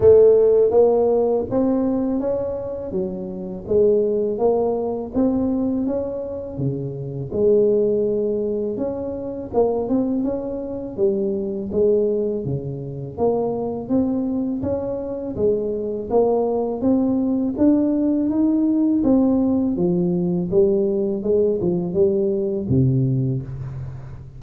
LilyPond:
\new Staff \with { instrumentName = "tuba" } { \time 4/4 \tempo 4 = 82 a4 ais4 c'4 cis'4 | fis4 gis4 ais4 c'4 | cis'4 cis4 gis2 | cis'4 ais8 c'8 cis'4 g4 |
gis4 cis4 ais4 c'4 | cis'4 gis4 ais4 c'4 | d'4 dis'4 c'4 f4 | g4 gis8 f8 g4 c4 | }